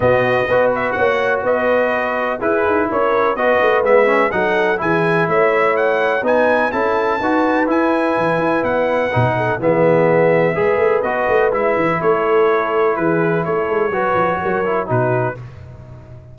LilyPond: <<
  \new Staff \with { instrumentName = "trumpet" } { \time 4/4 \tempo 4 = 125 dis''4. e''8 fis''4 dis''4~ | dis''4 b'4 cis''4 dis''4 | e''4 fis''4 gis''4 e''4 | fis''4 gis''4 a''2 |
gis''2 fis''2 | e''2. dis''4 | e''4 cis''2 b'4 | cis''2. b'4 | }
  \new Staff \with { instrumentName = "horn" } { \time 4/4 fis'4 b'4 cis''4 b'4~ | b'4 gis'4 ais'4 b'4~ | b'4 a'4 gis'4 cis''4~ | cis''4 b'4 a'4 b'4~ |
b'2.~ b'8 a'8 | gis'2 b'2~ | b'4 a'2 gis'4 | a'4 b'4 ais'4 fis'4 | }
  \new Staff \with { instrumentName = "trombone" } { \time 4/4 b4 fis'2.~ | fis'4 e'2 fis'4 | b8 cis'8 dis'4 e'2~ | e'4 dis'4 e'4 fis'4 |
e'2. dis'4 | b2 gis'4 fis'4 | e'1~ | e'4 fis'4. e'8 dis'4 | }
  \new Staff \with { instrumentName = "tuba" } { \time 4/4 b,4 b4 ais4 b4~ | b4 e'8 dis'8 cis'4 b8 a8 | gis4 fis4 e4 a4~ | a4 b4 cis'4 dis'4 |
e'4 e8 e'8 b4 b,4 | e2 gis8 a8 b8 a8 | gis8 e8 a2 e4 | a8 gis8 fis8 f8 fis4 b,4 | }
>>